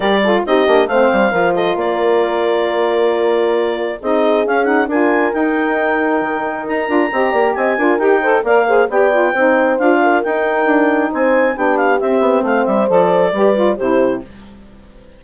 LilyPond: <<
  \new Staff \with { instrumentName = "clarinet" } { \time 4/4 \tempo 4 = 135 d''4 dis''4 f''4. dis''8 | d''1~ | d''4 dis''4 f''8 fis''8 gis''4 | g''2. ais''4~ |
ais''4 gis''4 g''4 f''4 | g''2 f''4 g''4~ | g''4 gis''4 g''8 f''8 e''4 | f''8 e''8 d''2 c''4 | }
  \new Staff \with { instrumentName = "horn" } { \time 4/4 ais'8 a'8 g'4 c''4 ais'8 a'8 | ais'1~ | ais'4 gis'2 ais'4~ | ais'1 |
dis''8 d''8 dis''8 ais'4 c''8 d''8 c''8 | d''4 c''4. ais'4.~ | ais'4 c''4 g'2 | c''2 b'4 g'4 | }
  \new Staff \with { instrumentName = "saxophone" } { \time 4/4 g'8 f'8 dis'8 d'8 c'4 f'4~ | f'1~ | f'4 dis'4 cis'8 dis'8 f'4 | dis'2.~ dis'8 f'8 |
g'4. f'8 g'8 a'8 ais'8 gis'8 | g'8 f'8 dis'4 f'4 dis'4~ | dis'2 d'4 c'4~ | c'4 a'4 g'8 f'8 e'4 | }
  \new Staff \with { instrumentName = "bassoon" } { \time 4/4 g4 c'8 ais8 a8 g8 f4 | ais1~ | ais4 c'4 cis'4 d'4 | dis'2 dis4 dis'8 d'8 |
c'8 ais8 c'8 d'8 dis'4 ais4 | b4 c'4 d'4 dis'4 | d'4 c'4 b4 c'8 b8 | a8 g8 f4 g4 c4 | }
>>